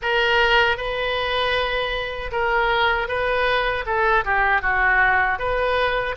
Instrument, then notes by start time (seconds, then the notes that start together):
oboe
0.01 A#4
0.77 B4
2.31 A#4
3.08 B4
3.85 A4
4.24 G4
4.62 F#4
5.38 B4